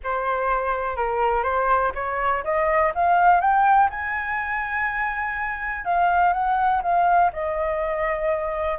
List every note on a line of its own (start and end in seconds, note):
0.03 0.96 C5
0.96 1.43 A#4
1.43 1.92 C5
1.94 2.43 C#5
2.44 2.92 D#5
2.94 3.41 F5
3.41 3.89 G5
3.89 5.84 G#5
5.84 6.33 F5
6.33 6.81 F#5
6.82 7.31 F5
7.32 8.78 D#5